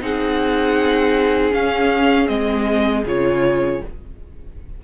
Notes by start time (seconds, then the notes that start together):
0.00 C4 D#4 G#4 F#5
1.52 C#4 F5
2.27 G#3 C4 D#5
3.05 C#3 F4 C#5